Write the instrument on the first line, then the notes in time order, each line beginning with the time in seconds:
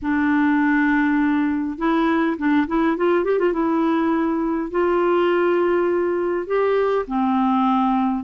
clarinet
0.02 D4
1.78 E4
2.37 D4
2.67 E4
2.96 F4
3.24 G4
3.38 F4
3.53 E4
4.70 F4
6.46 G4
7.07 C4